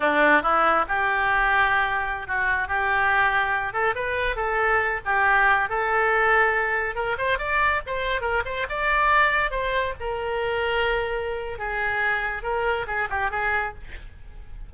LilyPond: \new Staff \with { instrumentName = "oboe" } { \time 4/4 \tempo 4 = 140 d'4 e'4 g'2~ | g'4~ g'16 fis'4 g'4.~ g'16~ | g'8. a'8 b'4 a'4. g'16~ | g'4~ g'16 a'2~ a'8.~ |
a'16 ais'8 c''8 d''4 c''4 ais'8 c''16~ | c''16 d''2 c''4 ais'8.~ | ais'2. gis'4~ | gis'4 ais'4 gis'8 g'8 gis'4 | }